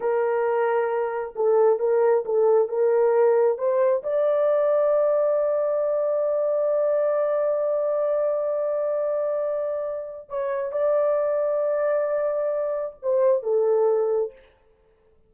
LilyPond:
\new Staff \with { instrumentName = "horn" } { \time 4/4 \tempo 4 = 134 ais'2. a'4 | ais'4 a'4 ais'2 | c''4 d''2.~ | d''1~ |
d''1~ | d''2. cis''4 | d''1~ | d''4 c''4 a'2 | }